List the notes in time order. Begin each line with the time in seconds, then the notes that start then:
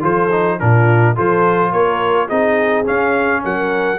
0.00 F3 F4 A4 C5
0.31 D#4
0.59 A#2 D4 F4 A#4
1.15 F3 F4 A4 C5
1.71 A#3 A#4 C#5
2.26 C4 D#4 G#4 D#5
2.84 C#4 F5
3.44 F#3 A#4 F#5